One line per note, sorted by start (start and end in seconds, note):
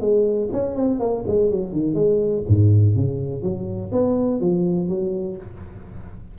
0.00 0.48 G#3
0.52 0.75 C#4
0.75 0.99 C4
0.99 1.24 A#3
1.27 1.50 G#3
1.50 1.72 F#3
1.72 1.94 D#3
1.94 2.42 G#3
2.47 2.95 G#2
2.95 3.42 C#3
3.42 3.90 F#3
3.92 4.40 B3
4.40 4.88 F3
4.88 5.36 F#3